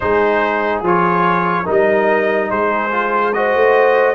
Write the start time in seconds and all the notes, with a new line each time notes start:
0.00 G#3 D#4 G#4 C5
0.82 F3 F4 C#5
1.65 G3 D#4 A#4 D#5
2.50 G#3 G#4 C5
2.91 F4
3.33 F#4 C5 D#5
3.54 A3